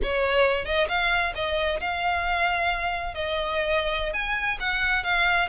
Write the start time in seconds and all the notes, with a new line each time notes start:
0.02 C#5
0.65 D#5
0.88 F5
1.35 D#5
1.80 F5
3.14 D#5
4.13 G#5
4.60 F#5
5.03 F5